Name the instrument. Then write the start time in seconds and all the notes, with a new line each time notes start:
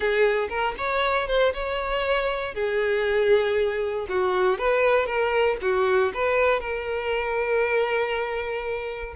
violin
0.00 G#4
0.49 A#4
0.77 C#5
1.27 C5
1.53 C#5
2.54 G#4
4.08 F#4
4.58 B4
5.06 A#4
5.61 F#4
6.13 B4
6.60 A#4